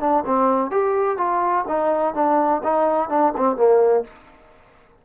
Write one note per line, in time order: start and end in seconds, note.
0.00 0.24 D4
0.26 0.71 C4
0.71 1.17 G4
1.17 1.65 F4
1.68 2.14 D#4
2.14 2.62 D4
2.63 3.09 D#4
3.09 3.33 D4
3.37 3.56 C4
3.56 4.04 A#3